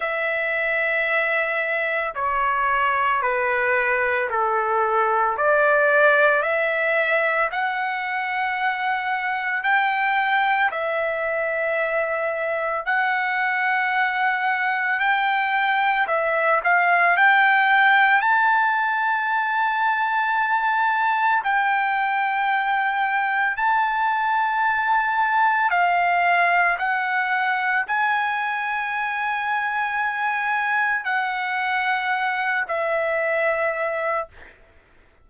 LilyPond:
\new Staff \with { instrumentName = "trumpet" } { \time 4/4 \tempo 4 = 56 e''2 cis''4 b'4 | a'4 d''4 e''4 fis''4~ | fis''4 g''4 e''2 | fis''2 g''4 e''8 f''8 |
g''4 a''2. | g''2 a''2 | f''4 fis''4 gis''2~ | gis''4 fis''4. e''4. | }